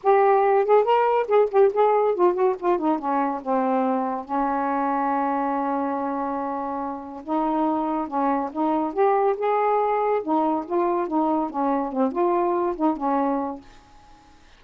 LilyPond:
\new Staff \with { instrumentName = "saxophone" } { \time 4/4 \tempo 4 = 141 g'4. gis'8 ais'4 gis'8 g'8 | gis'4 f'8 fis'8 f'8 dis'8 cis'4 | c'2 cis'2~ | cis'1~ |
cis'4 dis'2 cis'4 | dis'4 g'4 gis'2 | dis'4 f'4 dis'4 cis'4 | c'8 f'4. dis'8 cis'4. | }